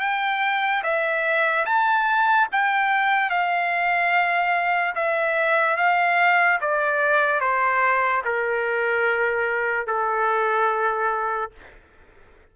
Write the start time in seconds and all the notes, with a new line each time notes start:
0.00 G5
0.83 E5
1.66 A5
2.52 G5
3.30 F5
4.95 E5
5.77 F5
6.61 D5
7.40 C5
8.25 A#4
9.87 A4